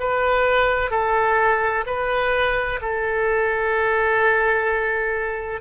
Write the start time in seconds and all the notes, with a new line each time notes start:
0.00 B4
0.91 A4
1.86 B4
2.82 A4